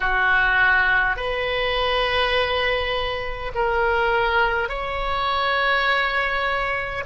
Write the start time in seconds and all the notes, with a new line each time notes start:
0.00 F#4
1.16 B4
3.55 A#4
4.68 C#5